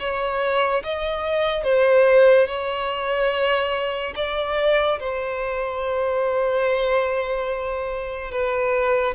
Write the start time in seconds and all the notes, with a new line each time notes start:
0.00 C#5
0.84 D#5
1.64 C5
2.48 C#5
4.16 D5
5.00 C5
8.32 B4